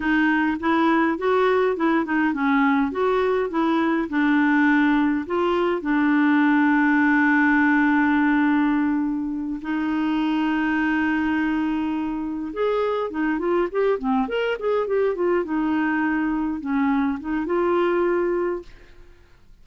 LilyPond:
\new Staff \with { instrumentName = "clarinet" } { \time 4/4 \tempo 4 = 103 dis'4 e'4 fis'4 e'8 dis'8 | cis'4 fis'4 e'4 d'4~ | d'4 f'4 d'2~ | d'1~ |
d'8 dis'2.~ dis'8~ | dis'4. gis'4 dis'8 f'8 g'8 | c'8 ais'8 gis'8 g'8 f'8 dis'4.~ | dis'8 cis'4 dis'8 f'2 | }